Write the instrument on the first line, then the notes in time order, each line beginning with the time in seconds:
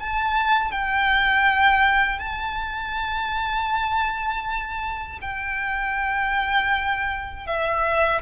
violin
0.00 A5
0.71 G5
2.19 A5
5.21 G5
7.47 E5